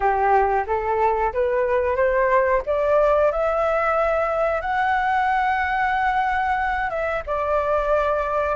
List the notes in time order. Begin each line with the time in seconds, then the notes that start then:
0.00 G4
0.66 A4
1.33 B4
1.96 C5
2.66 D5
3.31 E5
4.61 F#5
6.90 E5
7.26 D5